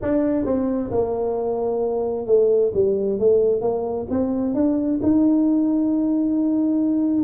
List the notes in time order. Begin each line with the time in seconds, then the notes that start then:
0.02 D4
0.45 C4
0.91 A#3
2.26 A3
2.74 G3
3.19 A3
3.61 A#3
4.10 C4
4.54 D4
5.02 D#4